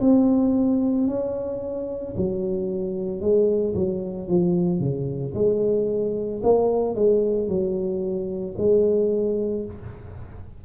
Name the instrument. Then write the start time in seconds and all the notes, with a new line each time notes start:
tuba
0.00 C4
1.07 C#4
2.17 F#3
3.20 G#3
3.75 F#3
4.28 F3
4.79 C#3
5.34 G#3
6.43 A#3
6.95 G#3
7.48 F#3
8.58 G#3